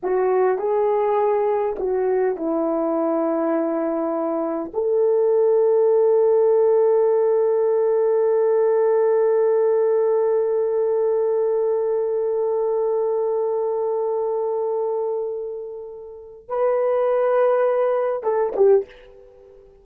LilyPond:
\new Staff \with { instrumentName = "horn" } { \time 4/4 \tempo 4 = 102 fis'4 gis'2 fis'4 | e'1 | a'1~ | a'1~ |
a'1~ | a'1~ | a'1 | b'2. a'8 g'8 | }